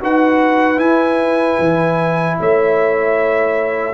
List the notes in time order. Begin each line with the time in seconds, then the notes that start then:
0.00 D#4 F#4 B4 F#5
0.76 E4 G#5
1.59 E3
2.39 A3 C#5 E5